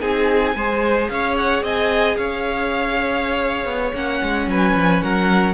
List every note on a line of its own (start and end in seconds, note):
0.00 0.54 C4
0.00 0.54 D#4
0.00 0.56 G#4
0.00 1.08 G#5
0.54 1.08 G#3
0.54 3.94 G#4
0.54 1.10 C5
1.08 1.62 C#4
1.08 1.63 C#5
1.08 1.35 F5
1.37 1.64 F#5
1.62 2.16 C4
1.62 2.17 D#5
1.62 2.16 G#5
2.16 3.65 C#4
2.16 4.47 C#5
2.16 3.92 F5
3.65 3.92 B3
3.94 4.21 A#3
3.94 5.54 C#4
3.94 4.49 F#5
4.22 4.47 G#3
4.47 4.74 F#3
4.47 5.03 B4
4.47 5.02 G#5
4.74 5.01 F3
5.02 5.54 F#3
5.02 5.54 A#4
5.02 5.54 F#5